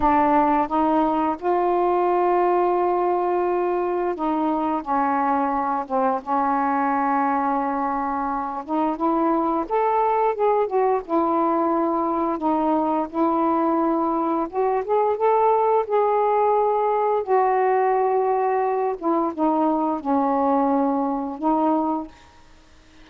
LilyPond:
\new Staff \with { instrumentName = "saxophone" } { \time 4/4 \tempo 4 = 87 d'4 dis'4 f'2~ | f'2 dis'4 cis'4~ | cis'8 c'8 cis'2.~ | cis'8 dis'8 e'4 a'4 gis'8 fis'8 |
e'2 dis'4 e'4~ | e'4 fis'8 gis'8 a'4 gis'4~ | gis'4 fis'2~ fis'8 e'8 | dis'4 cis'2 dis'4 | }